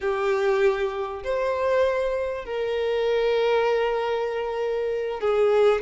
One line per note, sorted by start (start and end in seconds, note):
0.01 1.23 G4
1.23 2.45 C5
2.45 5.20 A#4
5.20 5.81 G#4